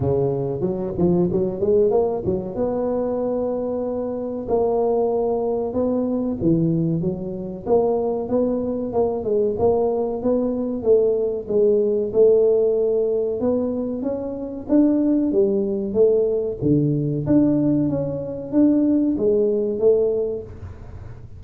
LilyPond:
\new Staff \with { instrumentName = "tuba" } { \time 4/4 \tempo 4 = 94 cis4 fis8 f8 fis8 gis8 ais8 fis8 | b2. ais4~ | ais4 b4 e4 fis4 | ais4 b4 ais8 gis8 ais4 |
b4 a4 gis4 a4~ | a4 b4 cis'4 d'4 | g4 a4 d4 d'4 | cis'4 d'4 gis4 a4 | }